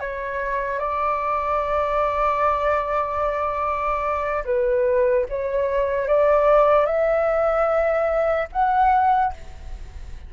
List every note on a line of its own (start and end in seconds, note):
0.00 0.79 C#5
0.79 4.44 D5
4.45 5.26 B4
5.29 6.08 C#5
6.08 6.86 D5
6.86 8.48 E5
8.52 9.33 F#5